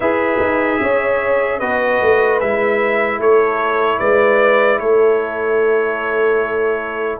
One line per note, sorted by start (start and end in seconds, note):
0.00 0.39 E4
0.00 1.61 G#4
0.00 0.80 B4
0.00 1.59 E5
0.39 0.79 D#4
0.81 1.61 C#4
0.81 1.59 C#5
1.59 2.01 B3
1.59 2.41 F#4
1.59 3.19 B4
1.59 2.39 D#5
2.01 2.41 A3
2.40 3.18 G#3
2.40 7.19 E4
2.40 3.20 E5
3.18 3.98 A3
3.18 3.99 A4
3.18 3.99 C#5
3.99 4.79 G#3
3.99 4.79 B4
3.99 4.79 D5
4.79 7.19 A3
4.79 7.19 A4
4.79 7.19 C#5